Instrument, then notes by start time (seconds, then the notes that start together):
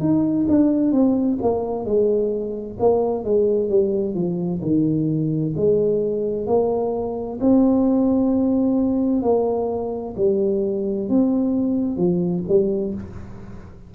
tuba
0.00 D#4
0.48 D4
0.92 C4
1.42 A#3
1.85 G#3
2.79 A#3
3.24 G#3
3.70 G3
4.15 F3
4.62 D#3
5.56 G#3
6.47 A#3
7.41 C4
9.22 A#3
10.17 G3
11.09 C4
11.97 F3
12.48 G3